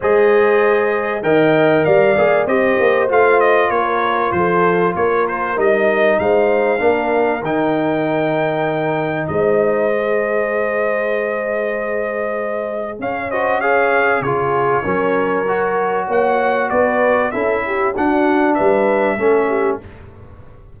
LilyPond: <<
  \new Staff \with { instrumentName = "trumpet" } { \time 4/4 \tempo 4 = 97 dis''2 g''4 f''4 | dis''4 f''8 dis''8 cis''4 c''4 | cis''8 c''8 dis''4 f''2 | g''2. dis''4~ |
dis''1~ | dis''4 f''8 dis''8 f''4 cis''4~ | cis''2 fis''4 d''4 | e''4 fis''4 e''2 | }
  \new Staff \with { instrumentName = "horn" } { \time 4/4 c''2 dis''4 d''4 | c''2 ais'4 a'4 | ais'2 c''4 ais'4~ | ais'2. c''4~ |
c''1~ | c''4 cis''8 c''8 cis''4 gis'4 | ais'2 cis''4 b'4 | a'8 g'8 fis'4 b'4 a'8 g'8 | }
  \new Staff \with { instrumentName = "trombone" } { \time 4/4 gis'2 ais'4. gis'8 | g'4 f'2.~ | f'4 dis'2 d'4 | dis'1 |
gis'1~ | gis'4. fis'8 gis'4 f'4 | cis'4 fis'2. | e'4 d'2 cis'4 | }
  \new Staff \with { instrumentName = "tuba" } { \time 4/4 gis2 dis4 g8 ais8 | c'8 ais8 a4 ais4 f4 | ais4 g4 gis4 ais4 | dis2. gis4~ |
gis1~ | gis4 cis'2 cis4 | fis2 ais4 b4 | cis'4 d'4 g4 a4 | }
>>